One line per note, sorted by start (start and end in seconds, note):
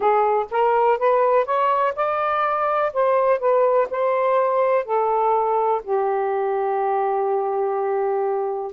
0.00 0.46 G#4
0.51 0.98 A#4
0.98 1.45 B4
1.45 1.93 C#5
1.95 2.92 D5
2.93 3.39 C5
3.39 3.87 B4
3.90 4.85 C5
4.85 5.81 A4
5.83 8.72 G4